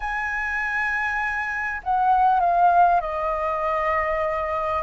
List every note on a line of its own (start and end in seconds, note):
0.00 1.81 G#5
1.83 2.40 F#5
2.40 3.00 F5
3.01 4.82 D#5